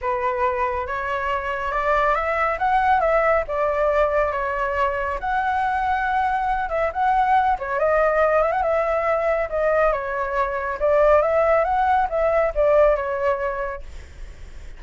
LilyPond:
\new Staff \with { instrumentName = "flute" } { \time 4/4 \tempo 4 = 139 b'2 cis''2 | d''4 e''4 fis''4 e''4 | d''2 cis''2 | fis''2.~ fis''8 e''8 |
fis''4. cis''8 dis''4. e''16 fis''16 | e''2 dis''4 cis''4~ | cis''4 d''4 e''4 fis''4 | e''4 d''4 cis''2 | }